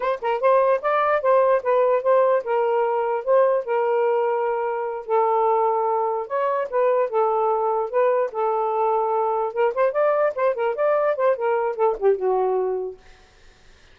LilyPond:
\new Staff \with { instrumentName = "saxophone" } { \time 4/4 \tempo 4 = 148 c''8 ais'8 c''4 d''4 c''4 | b'4 c''4 ais'2 | c''4 ais'2.~ | ais'8 a'2. cis''8~ |
cis''8 b'4 a'2 b'8~ | b'8 a'2. ais'8 | c''8 d''4 c''8 ais'8 d''4 c''8 | ais'4 a'8 g'8 fis'2 | }